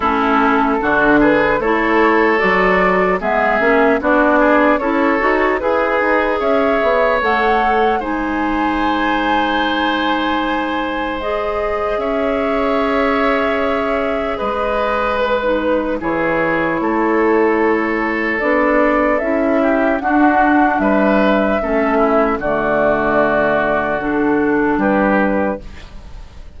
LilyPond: <<
  \new Staff \with { instrumentName = "flute" } { \time 4/4 \tempo 4 = 75 a'4. b'8 cis''4 d''4 | e''4 d''4 cis''4 b'4 | e''4 fis''4 gis''2~ | gis''2 dis''4 e''4~ |
e''2 dis''4 b'4 | cis''2. d''4 | e''4 fis''4 e''2 | d''2 a'4 b'4 | }
  \new Staff \with { instrumentName = "oboe" } { \time 4/4 e'4 fis'8 gis'8 a'2 | gis'4 fis'8 gis'8 a'4 gis'4 | cis''2 c''2~ | c''2. cis''4~ |
cis''2 b'2 | gis'4 a'2.~ | a'8 g'8 fis'4 b'4 a'8 e'8 | fis'2. g'4 | }
  \new Staff \with { instrumentName = "clarinet" } { \time 4/4 cis'4 d'4 e'4 fis'4 | b8 cis'8 d'4 e'8 fis'8 gis'4~ | gis'4 a'4 dis'2~ | dis'2 gis'2~ |
gis'2.~ gis'16 dis'8. | e'2. d'4 | e'4 d'2 cis'4 | a2 d'2 | }
  \new Staff \with { instrumentName = "bassoon" } { \time 4/4 a4 d4 a4 fis4 | gis8 ais8 b4 cis'8 dis'8 e'8 dis'8 | cis'8 b8 a4 gis2~ | gis2. cis'4~ |
cis'2 gis2 | e4 a2 b4 | cis'4 d'4 g4 a4 | d2. g4 | }
>>